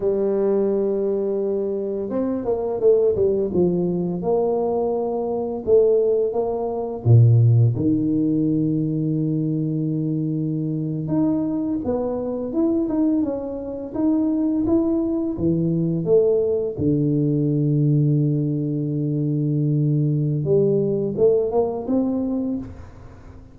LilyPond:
\new Staff \with { instrumentName = "tuba" } { \time 4/4 \tempo 4 = 85 g2. c'8 ais8 | a8 g8 f4 ais2 | a4 ais4 ais,4 dis4~ | dis2.~ dis8. dis'16~ |
dis'8. b4 e'8 dis'8 cis'4 dis'16~ | dis'8. e'4 e4 a4 d16~ | d1~ | d4 g4 a8 ais8 c'4 | }